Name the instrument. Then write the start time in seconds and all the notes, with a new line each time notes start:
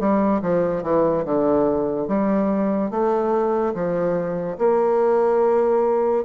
bassoon
0.00 G3
0.42 F3
0.83 E3
1.25 D3
2.08 G3
2.91 A3
3.74 F3
4.58 A#3